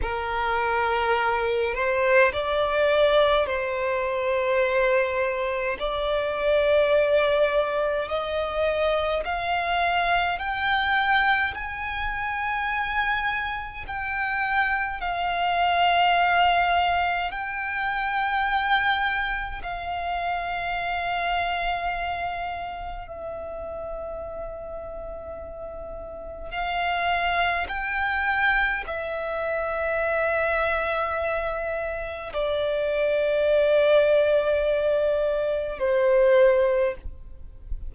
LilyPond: \new Staff \with { instrumentName = "violin" } { \time 4/4 \tempo 4 = 52 ais'4. c''8 d''4 c''4~ | c''4 d''2 dis''4 | f''4 g''4 gis''2 | g''4 f''2 g''4~ |
g''4 f''2. | e''2. f''4 | g''4 e''2. | d''2. c''4 | }